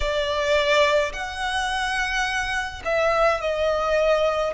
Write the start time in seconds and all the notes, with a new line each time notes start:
0.00 D5
1.12 F#5
2.85 E5
3.40 D#5